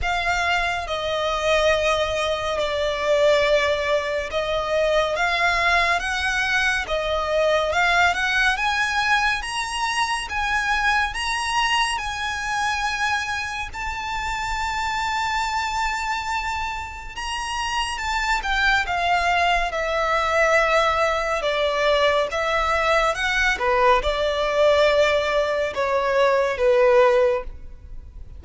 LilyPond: \new Staff \with { instrumentName = "violin" } { \time 4/4 \tempo 4 = 70 f''4 dis''2 d''4~ | d''4 dis''4 f''4 fis''4 | dis''4 f''8 fis''8 gis''4 ais''4 | gis''4 ais''4 gis''2 |
a''1 | ais''4 a''8 g''8 f''4 e''4~ | e''4 d''4 e''4 fis''8 b'8 | d''2 cis''4 b'4 | }